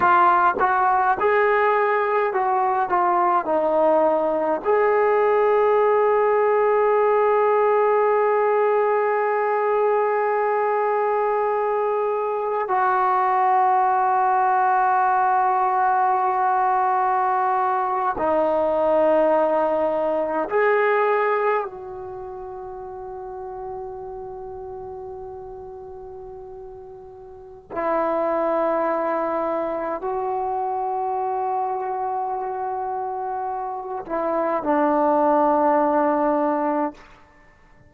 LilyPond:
\new Staff \with { instrumentName = "trombone" } { \time 4/4 \tempo 4 = 52 f'8 fis'8 gis'4 fis'8 f'8 dis'4 | gis'1~ | gis'2. fis'4~ | fis'2.~ fis'8. dis'16~ |
dis'4.~ dis'16 gis'4 fis'4~ fis'16~ | fis'1 | e'2 fis'2~ | fis'4. e'8 d'2 | }